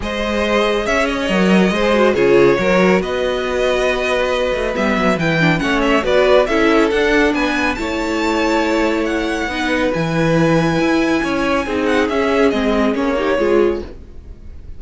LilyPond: <<
  \new Staff \with { instrumentName = "violin" } { \time 4/4 \tempo 4 = 139 dis''2 e''8 dis''4.~ | dis''4 cis''2 dis''4~ | dis''2. e''4 | g''4 fis''8 e''8 d''4 e''4 |
fis''4 gis''4 a''2~ | a''4 fis''2 gis''4~ | gis''2.~ gis''8 fis''8 | e''4 dis''4 cis''2 | }
  \new Staff \with { instrumentName = "violin" } { \time 4/4 c''2 cis''2 | c''4 gis'4 ais'4 b'4~ | b'1~ | b'4 cis''4 b'4 a'4~ |
a'4 b'4 cis''2~ | cis''2 b'2~ | b'2 cis''4 gis'4~ | gis'2~ gis'8 g'8 gis'4 | }
  \new Staff \with { instrumentName = "viola" } { \time 4/4 gis'2. ais'4 | gis'8 fis'8 f'4 fis'2~ | fis'2. b4 | e'8 d'8 cis'4 fis'4 e'4 |
d'2 e'2~ | e'2 dis'4 e'4~ | e'2. dis'4 | cis'4 c'4 cis'8 dis'8 f'4 | }
  \new Staff \with { instrumentName = "cello" } { \time 4/4 gis2 cis'4 fis4 | gis4 cis4 fis4 b4~ | b2~ b8 a8 g8 fis8 | e4 a4 b4 cis'4 |
d'4 b4 a2~ | a2 b4 e4~ | e4 e'4 cis'4 c'4 | cis'4 gis4 ais4 gis4 | }
>>